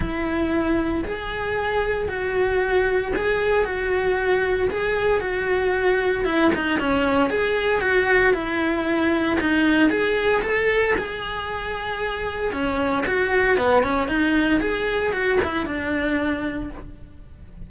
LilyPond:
\new Staff \with { instrumentName = "cello" } { \time 4/4 \tempo 4 = 115 e'2 gis'2 | fis'2 gis'4 fis'4~ | fis'4 gis'4 fis'2 | e'8 dis'8 cis'4 gis'4 fis'4 |
e'2 dis'4 gis'4 | a'4 gis'2. | cis'4 fis'4 b8 cis'8 dis'4 | gis'4 fis'8 e'8 d'2 | }